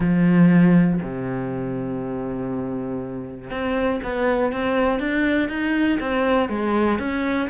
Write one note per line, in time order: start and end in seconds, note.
0.00 1.00 F3
1.02 3.50 C3
3.50 4.00 C4
4.03 4.52 B3
4.52 4.99 C4
4.99 5.48 D4
5.48 5.98 D#4
6.00 6.48 C4
6.48 6.98 G#3
6.99 7.49 C#4